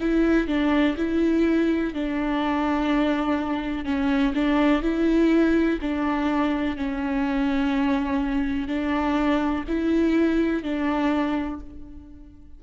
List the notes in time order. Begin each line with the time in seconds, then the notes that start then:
0.00 E4
0.47 D4
0.97 E4
1.94 D4
3.85 C#4
4.35 D4
4.82 E4
5.82 D4
6.76 C#4
8.67 D4
9.67 E4
10.63 D4